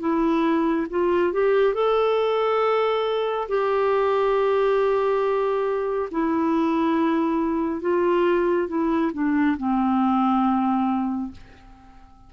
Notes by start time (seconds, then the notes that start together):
0.00 E4
0.90 F4
1.33 G4
1.74 A4
3.49 G4
6.11 E4
7.81 F4
8.68 E4
9.13 D4
9.58 C4